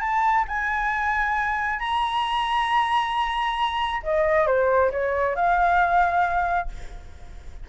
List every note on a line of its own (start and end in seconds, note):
0.00 0.44 A5
0.48 1.79 G#5
1.79 4.01 A#5
4.03 4.46 D#5
4.46 4.91 C5
4.91 5.35 C#5
5.35 6.68 F5